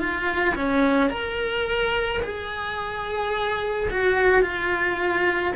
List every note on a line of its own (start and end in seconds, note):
0.00 0.56 F4
0.56 1.11 C#4
1.11 2.22 A#4
2.23 3.89 G#4
3.91 4.42 F#4
4.42 5.54 F4